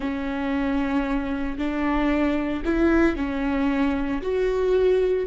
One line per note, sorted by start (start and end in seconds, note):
0.00 1.58 C#4
1.58 2.63 D4
2.64 3.16 E4
3.16 4.21 C#4
4.22 5.26 F#4